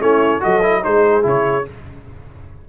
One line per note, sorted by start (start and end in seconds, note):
0.00 0.41 A3
0.00 0.40 C#4
0.00 0.41 E4
0.00 0.42 C#5
0.40 0.86 F#3
0.40 0.60 F#4
0.40 0.83 A4
0.40 0.84 D#5
0.62 0.83 E4
0.83 1.25 G#3
0.83 1.22 D#4
0.83 1.67 G#4
0.83 1.25 C5
1.22 1.66 C#3
1.22 1.63 E4
1.22 1.68 C#5